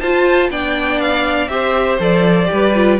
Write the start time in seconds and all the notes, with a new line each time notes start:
0.00 F4 C5 A5
0.49 B3 D4 D5 G5
1.00 F5
1.48 C4 G4 C5 E5
1.99 F3 A4 D5
2.45 G4
2.52 G3 B4
2.75 F4